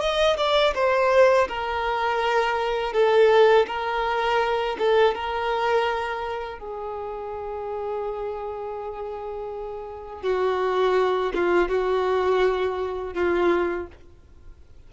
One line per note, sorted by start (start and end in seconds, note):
0.00 0.37 D#5
0.37 0.74 D5
0.75 1.48 C5
1.48 2.93 A#4
2.93 3.67 A4
3.67 4.77 A#4
4.79 5.15 A4
5.15 6.59 A#4
6.59 10.23 G#4
10.23 11.32 F#4
11.35 11.69 F4
11.69 13.14 F#4
13.14 13.87 F4